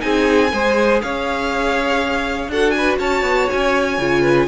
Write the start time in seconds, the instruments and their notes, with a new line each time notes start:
0.00 cello C4, viola D#4, violin G#4 G#5
0.53 cello G#3, viola G#4, violin C5
1.02 cello C#4, violin C#5 F5
2.48 cello D4, viola F#4, violin A4 F#5
2.71 violin G#5
2.77 violin B4
2.99 cello C#4, violin C#5 A5
3.22 cello B3
3.51 cello C#4, violin G#5
3.98 cello C#3, viola F4
4.22 violin B4